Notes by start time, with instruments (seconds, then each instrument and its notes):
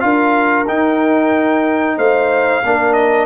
0.00 tuba D4, trombone F4, horn A#4, trumpet F5
0.68 trombone D#4, tuba D#4, trumpet G5
1.97 tuba A3, horn C5, trumpet F5
2.64 tuba A#3, trombone D4, horn A#4
2.93 trumpet D#5